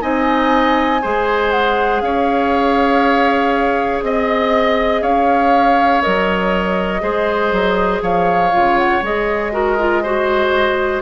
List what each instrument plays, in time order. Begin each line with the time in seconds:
0.00 bassoon C4, clarinet D#4, oboe D#5, flute G#5
1.01 bassoon G#3, clarinet G#4, oboe C5
1.50 flute F#5
2.00 bassoon C#4, oboe C#5, flute F5
4.02 bassoon C4, flute D#5, oboe D#5
5.01 bassoon C#4, oboe C#5, flute F5
6.01 bassoon F#3, clarinet A#4, flute D#5
7.00 bassoon G#3, clarinet G#4, oboe C5
7.52 bassoon F#3
8.01 bassoon F3, oboe C#5, flute F5
8.51 bassoon C#3, clarinet F4
8.78 flute F#5
9.01 bassoon G#3, clarinet G#4, flute D#5
9.52 clarinet F#4, oboe A#4
9.79 clarinet F4
10.02 clarinet F#4, oboe C5